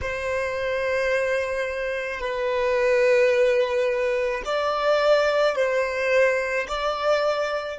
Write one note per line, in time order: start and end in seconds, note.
0.01 2.20 C5
2.20 4.42 B4
4.45 5.56 D5
5.56 6.67 C5
6.68 7.79 D5